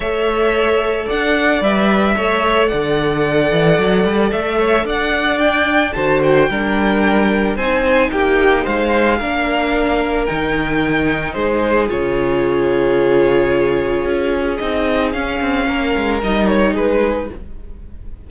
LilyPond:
<<
  \new Staff \with { instrumentName = "violin" } { \time 4/4 \tempo 4 = 111 e''2 fis''4 e''4~ | e''4 fis''2. | e''4 fis''4 g''4 a''8 g''8~ | g''2 gis''4 g''4 |
f''2. g''4~ | g''4 c''4 cis''2~ | cis''2. dis''4 | f''2 dis''8 cis''8 b'4 | }
  \new Staff \with { instrumentName = "violin" } { \time 4/4 cis''2 d''2 | cis''4 d''2.~ | d''8 cis''8 d''2 c''4 | ais'2 c''4 g'4 |
c''4 ais'2.~ | ais'4 gis'2.~ | gis'1~ | gis'4 ais'2 gis'4 | }
  \new Staff \with { instrumentName = "viola" } { \time 4/4 a'2. b'4 | a'1~ | a'2 d'4 fis'4 | d'2 dis'2~ |
dis'4 d'2 dis'4~ | dis'2 f'2~ | f'2. dis'4 | cis'2 dis'2 | }
  \new Staff \with { instrumentName = "cello" } { \time 4/4 a2 d'4 g4 | a4 d4. e8 fis8 g8 | a4 d'2 d4 | g2 c'4 ais4 |
gis4 ais2 dis4~ | dis4 gis4 cis2~ | cis2 cis'4 c'4 | cis'8 c'8 ais8 gis8 g4 gis4 | }
>>